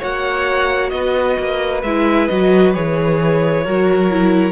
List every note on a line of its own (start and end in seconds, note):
0.00 0.92 A#3
0.00 1.83 F#4
0.00 0.91 C#5
0.00 0.90 F#5
0.90 1.37 B3
0.90 3.65 B4
0.90 1.81 D#5
1.39 1.83 A#3
1.83 2.28 G#3
1.83 2.30 E4
1.83 2.28 E5
2.28 2.76 F#3
2.28 2.74 F#4
2.28 2.73 D#5
2.74 3.66 E3
2.74 3.65 G#4
2.74 4.52 C#5
3.65 4.52 F#3
3.65 4.11 F#4
3.65 4.52 A#4
4.11 4.52 E4